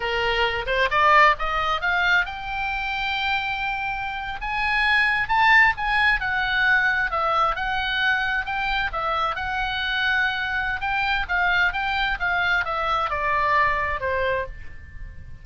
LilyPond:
\new Staff \with { instrumentName = "oboe" } { \time 4/4 \tempo 4 = 133 ais'4. c''8 d''4 dis''4 | f''4 g''2.~ | g''4.~ g''16 gis''2 a''16~ | a''8. gis''4 fis''2 e''16~ |
e''8. fis''2 g''4 e''16~ | e''8. fis''2.~ fis''16 | g''4 f''4 g''4 f''4 | e''4 d''2 c''4 | }